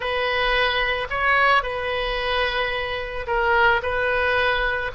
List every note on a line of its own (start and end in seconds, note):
0.00 1.07 B4
1.10 1.62 C#5
1.62 3.26 B4
3.26 3.81 A#4
3.82 4.91 B4